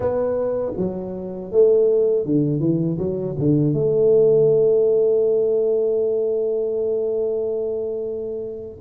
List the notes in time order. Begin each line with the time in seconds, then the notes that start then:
0.00 B3
0.76 F#3
1.51 A3
2.25 D3
2.59 E3
2.98 F#3
3.38 D3
3.73 A3